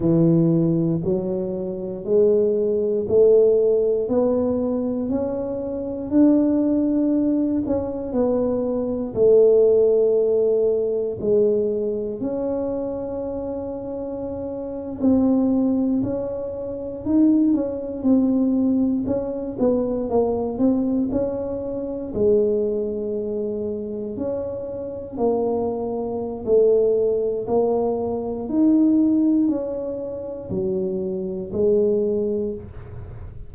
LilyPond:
\new Staff \with { instrumentName = "tuba" } { \time 4/4 \tempo 4 = 59 e4 fis4 gis4 a4 | b4 cis'4 d'4. cis'8 | b4 a2 gis4 | cis'2~ cis'8. c'4 cis'16~ |
cis'8. dis'8 cis'8 c'4 cis'8 b8 ais16~ | ais16 c'8 cis'4 gis2 cis'16~ | cis'8. ais4~ ais16 a4 ais4 | dis'4 cis'4 fis4 gis4 | }